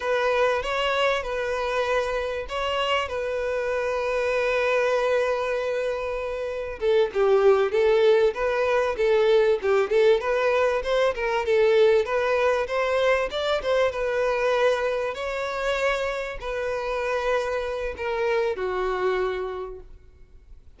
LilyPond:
\new Staff \with { instrumentName = "violin" } { \time 4/4 \tempo 4 = 97 b'4 cis''4 b'2 | cis''4 b'2.~ | b'2. a'8 g'8~ | g'8 a'4 b'4 a'4 g'8 |
a'8 b'4 c''8 ais'8 a'4 b'8~ | b'8 c''4 d''8 c''8 b'4.~ | b'8 cis''2 b'4.~ | b'4 ais'4 fis'2 | }